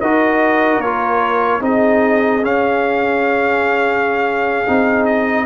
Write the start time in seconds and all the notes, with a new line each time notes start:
0.00 D#4 F#4 A#4 D#5
0.78 A#3 F4 C#5
1.61 C4 D#4 G#4 D#5
2.42 C#4 F5
4.66 C4 D#4
5.05 D#5